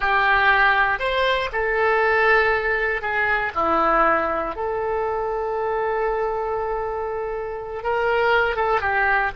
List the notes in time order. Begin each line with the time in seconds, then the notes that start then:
0.00 G4
0.99 C5
1.52 A4
3.01 G#4
3.55 E4
4.55 A4
7.83 A#4
8.56 A4
8.81 G4